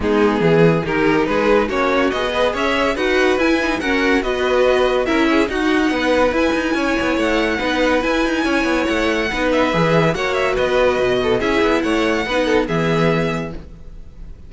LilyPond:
<<
  \new Staff \with { instrumentName = "violin" } { \time 4/4 \tempo 4 = 142 gis'2 ais'4 b'4 | cis''4 dis''4 e''4 fis''4 | gis''4 fis''4 dis''2 | e''4 fis''2 gis''4~ |
gis''4 fis''2 gis''4~ | gis''4 fis''4. e''4. | fis''8 e''8 dis''2 e''4 | fis''2 e''2 | }
  \new Staff \with { instrumentName = "violin" } { \time 4/4 dis'4 gis'4 g'4 gis'4 | fis'4. b'8 cis''4 b'4~ | b'4 ais'4 b'2 | ais'8 gis'8 fis'4 b'2 |
cis''2 b'2 | cis''2 b'2 | cis''4 b'4. a'8 gis'4 | cis''4 b'8 a'8 gis'2 | }
  \new Staff \with { instrumentName = "viola" } { \time 4/4 b2 dis'2 | cis'4 gis'2 fis'4 | e'8 dis'8 cis'4 fis'2 | e'4 dis'2 e'4~ |
e'2 dis'4 e'4~ | e'2 dis'4 gis'4 | fis'2. e'4~ | e'4 dis'4 b2 | }
  \new Staff \with { instrumentName = "cello" } { \time 4/4 gis4 e4 dis4 gis4 | ais4 b4 cis'4 dis'4 | e'4 fis'4 b2 | cis'4 dis'4 b4 e'8 dis'8 |
cis'8 b8 a4 b4 e'8 dis'8 | cis'8 b8 a4 b4 e4 | ais4 b4 b,4 cis'8 b8 | a4 b4 e2 | }
>>